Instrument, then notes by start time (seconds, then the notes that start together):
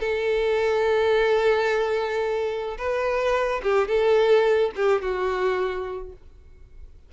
violin
0.00 A4
2.78 B4
3.63 G4
3.88 A4
4.76 G4
5.02 F#4